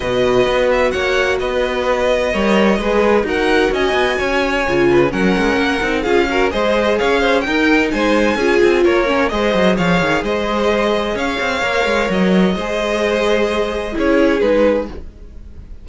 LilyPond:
<<
  \new Staff \with { instrumentName = "violin" } { \time 4/4 \tempo 4 = 129 dis''4. e''8 fis''4 dis''4~ | dis''2. fis''4 | gis''2. fis''4~ | fis''4 f''4 dis''4 f''4 |
g''4 gis''2 cis''4 | dis''4 f''4 dis''2 | f''2 dis''2~ | dis''2 cis''4 b'4 | }
  \new Staff \with { instrumentName = "violin" } { \time 4/4 b'2 cis''4 b'4~ | b'4 cis''4 b'4 ais'4 | dis''4 cis''4. b'8 ais'4~ | ais'4 gis'8 ais'8 c''4 cis''8 c''8 |
ais'4 c''4 gis'4 ais'4 | c''4 cis''4 c''2 | cis''2. c''4~ | c''2 gis'2 | }
  \new Staff \with { instrumentName = "viola" } { \time 4/4 fis'1~ | fis'4 ais'4 gis'4 fis'4~ | fis'2 f'4 cis'4~ | cis'8 dis'8 f'8 fis'8 gis'2 |
dis'2 f'4. cis'8 | gis'1~ | gis'4 ais'2 gis'4~ | gis'2 e'4 dis'4 | }
  \new Staff \with { instrumentName = "cello" } { \time 4/4 b,4 b4 ais4 b4~ | b4 g4 gis4 dis'4 | cis'8 b8 cis'4 cis4 fis8 gis8 | ais8 c'8 cis'4 gis4 cis'4 |
dis'4 gis4 cis'8 c'8 ais4 | gis8 fis8 f8 dis8 gis2 | cis'8 c'8 ais8 gis8 fis4 gis4~ | gis2 cis'4 gis4 | }
>>